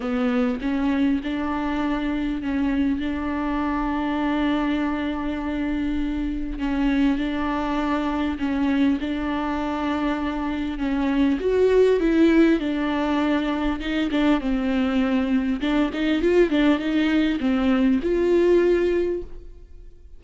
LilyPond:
\new Staff \with { instrumentName = "viola" } { \time 4/4 \tempo 4 = 100 b4 cis'4 d'2 | cis'4 d'2.~ | d'2. cis'4 | d'2 cis'4 d'4~ |
d'2 cis'4 fis'4 | e'4 d'2 dis'8 d'8 | c'2 d'8 dis'8 f'8 d'8 | dis'4 c'4 f'2 | }